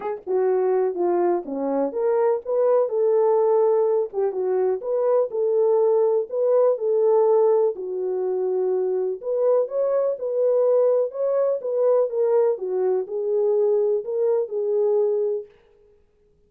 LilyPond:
\new Staff \with { instrumentName = "horn" } { \time 4/4 \tempo 4 = 124 gis'8 fis'4. f'4 cis'4 | ais'4 b'4 a'2~ | a'8 g'8 fis'4 b'4 a'4~ | a'4 b'4 a'2 |
fis'2. b'4 | cis''4 b'2 cis''4 | b'4 ais'4 fis'4 gis'4~ | gis'4 ais'4 gis'2 | }